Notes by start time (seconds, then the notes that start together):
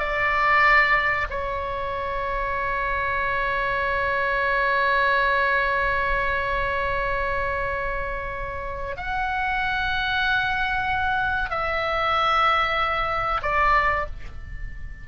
0.00 D5
1.31 C#5
8.97 F#5
11.50 E5
13.42 D5